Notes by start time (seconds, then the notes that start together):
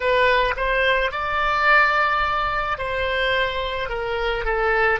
0.00 B4
0.56 C5
1.11 D5
2.78 C5
3.89 A#4
4.44 A4